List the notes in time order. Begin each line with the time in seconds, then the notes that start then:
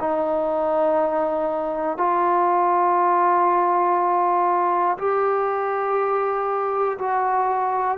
0.00 D#4
1.98 F4
4.98 G4
6.99 F#4